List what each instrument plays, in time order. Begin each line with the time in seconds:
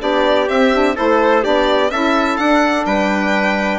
0.00 bassoon B3, saxophone D4, trumpet G4, violin D5
0.49 bassoon C4, saxophone C4, violin E5
0.74 saxophone D4
0.95 bassoon A3, saxophone E4, trumpet A4, violin C5
1.42 bassoon B3, saxophone D4, trumpet G4, violin D5
1.91 bassoon C#4, saxophone E4, trumpet A4, violin E5
2.37 bassoon D4, saxophone D4, violin F#5
2.86 bassoon G3, trumpet B4, violin G5